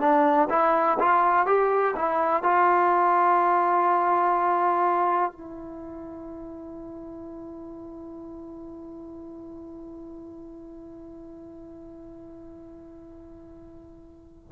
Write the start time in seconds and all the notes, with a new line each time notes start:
0.00 D4
0.49 E4
0.99 F4
1.46 G4
1.96 E4
2.43 F4
5.32 E4